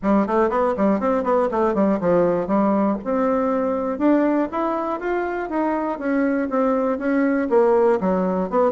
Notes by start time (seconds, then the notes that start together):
0.02 G3
0.27 A3
0.49 B3
0.76 G3
1.00 C4
1.23 B3
1.51 A3
1.74 G3
2.00 F3
2.47 G3
3.04 C4
3.98 D4
4.51 E4
5.00 F4
5.49 D#4
5.99 C#4
6.50 C4
6.98 C#4
7.49 A#3
8.00 F#3
8.50 B3